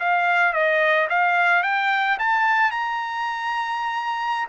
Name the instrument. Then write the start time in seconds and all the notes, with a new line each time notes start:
trumpet
0.00 F5
0.53 D#5
1.09 F5
1.63 G5
2.19 A5
2.71 A#5